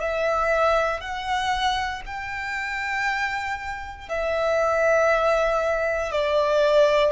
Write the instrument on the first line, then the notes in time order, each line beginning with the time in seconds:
violin
0.00 E5
1.00 F#5
2.06 G5
4.09 E5
6.12 D5